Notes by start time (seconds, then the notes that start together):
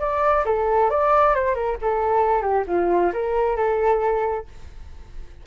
0.00 D5
0.45 A4
0.90 D5
1.35 C5
1.55 A#4
1.82 A4
2.42 G4
2.67 F4
3.14 A#4
3.57 A4